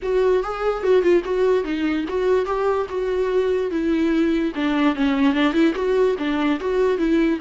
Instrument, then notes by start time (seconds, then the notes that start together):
viola
0.02 F#4
0.43 G#4
0.83 F#4
1.01 F4
1.24 F#4
1.64 D#4
2.08 F#4
2.45 G4
2.89 F#4
3.70 E4
4.55 D4
4.95 C#4
5.33 D4
5.53 E4
5.74 F#4
6.18 D4
6.60 F#4
6.98 E4